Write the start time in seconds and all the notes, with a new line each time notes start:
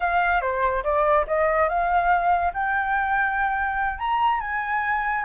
0.00 F5
0.41 C5
0.83 D5
1.27 D#5
1.68 F5
2.53 G5
3.98 A#5
4.40 G#5